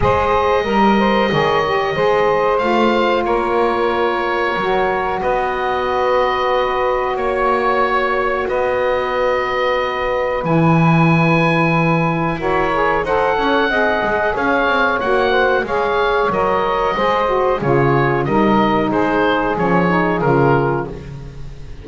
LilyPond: <<
  \new Staff \with { instrumentName = "oboe" } { \time 4/4 \tempo 4 = 92 dis''1 | f''4 cis''2. | dis''2. cis''4~ | cis''4 dis''2. |
gis''2. cis''4 | fis''2 f''4 fis''4 | f''4 dis''2 cis''4 | dis''4 c''4 cis''4 ais'4 | }
  \new Staff \with { instrumentName = "saxophone" } { \time 4/4 c''4 ais'8 c''8 cis''4 c''4~ | c''4 ais'2. | b'2. cis''4~ | cis''4 b'2.~ |
b'2. ais'4 | c''8 cis''8 dis''4 cis''4. c''8 | cis''2 c''4 gis'4 | ais'4 gis'2. | }
  \new Staff \with { instrumentName = "saxophone" } { \time 4/4 gis'4 ais'4 gis'8 g'8 gis'4 | f'2. fis'4~ | fis'1~ | fis'1 |
e'2. fis'8 gis'8 | a'4 gis'2 fis'4 | gis'4 ais'4 gis'8 fis'8 f'4 | dis'2 cis'8 dis'8 f'4 | }
  \new Staff \with { instrumentName = "double bass" } { \time 4/4 gis4 g4 dis4 gis4 | a4 ais2 fis4 | b2. ais4~ | ais4 b2. |
e2. e'4 | dis'8 cis'8 c'8 gis8 cis'8 c'8 ais4 | gis4 fis4 gis4 cis4 | g4 gis4 f4 cis4 | }
>>